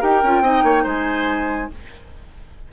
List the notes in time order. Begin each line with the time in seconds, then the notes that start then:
0.00 D#4 G4 A#4 G5
0.23 C#4 F4
0.41 C4 D#4 D#5
0.63 A#3 C#5
0.83 G#3 C5 G#5